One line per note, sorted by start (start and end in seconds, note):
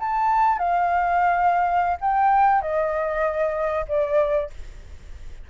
0.00 0.59 A5
0.59 1.98 F5
2.01 2.62 G5
2.62 3.86 D#5
3.89 4.50 D5